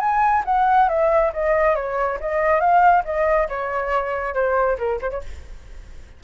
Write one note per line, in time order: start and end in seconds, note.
0.00 0.43 G#5
0.45 0.89 F#5
0.89 1.32 E5
1.33 1.76 D#5
1.76 2.19 C#5
2.20 2.60 D#5
2.60 3.04 F5
3.05 3.48 D#5
3.49 4.34 C#5
4.34 4.78 C5
4.78 5.00 A#4
5.02 5.11 C5
5.11 5.22 C#5